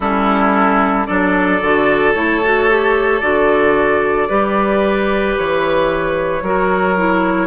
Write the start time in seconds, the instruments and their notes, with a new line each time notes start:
0.00 bassoon G3, clarinet C#4, oboe E4, flute A4
1.06 bassoon F#3, clarinet D4, oboe A4, flute D5
1.61 bassoon D3, clarinet F#4
2.13 bassoon A3, clarinet E4, flute C#5
2.43 clarinet F#4
2.69 clarinet G4
3.20 bassoon D3, clarinet F#4, flute D5
4.28 bassoon G3, clarinet G4, oboe B4
5.37 bassoon E3, flute C#5
6.42 bassoon F#3, clarinet F#4, oboe A#4
6.97 clarinet E4